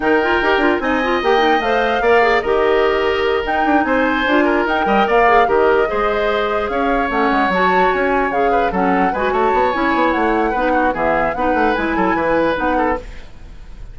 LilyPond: <<
  \new Staff \with { instrumentName = "flute" } { \time 4/4 \tempo 4 = 148 g''2 gis''4 g''4 | f''2 dis''2~ | dis''8 g''4 gis''2 g''8~ | g''8 f''4 dis''2~ dis''8~ |
dis''8 f''4 fis''4 a''4 gis''8~ | gis''8 f''4 fis''4 gis''8 a''4 | gis''4 fis''2 e''4 | fis''4 gis''2 fis''4 | }
  \new Staff \with { instrumentName = "oboe" } { \time 4/4 ais'2 dis''2~ | dis''4 d''4 ais'2~ | ais'4. c''4. ais'4 | dis''8 d''4 ais'4 c''4.~ |
c''8 cis''2.~ cis''8~ | cis''4 b'8 a'4 b'8 cis''4~ | cis''2 b'8 fis'8 gis'4 | b'4. a'8 b'4. a'8 | }
  \new Staff \with { instrumentName = "clarinet" } { \time 4/4 dis'8 f'8 g'8 f'8 dis'8 f'8 g'8 dis'8 | c''4 ais'8 gis'8 g'2~ | g'8 dis'2 f'4 dis'8 | ais'4 gis'8 g'4 gis'4.~ |
gis'4. cis'4 fis'4.~ | fis'8 gis'4 cis'4 fis'4. | e'2 dis'4 b4 | dis'4 e'2 dis'4 | }
  \new Staff \with { instrumentName = "bassoon" } { \time 4/4 dis4 dis'8 d'8 c'4 ais4 | a4 ais4 dis2~ | dis8 dis'8 d'8 c'4 d'4 dis'8 | g8 ais4 dis4 gis4.~ |
gis8 cis'4 a8 gis8 fis4 cis'8~ | cis'8 cis4 fis4 gis8 a8 b8 | cis'8 b8 a4 b4 e4 | b8 a8 gis8 fis8 e4 b4 | }
>>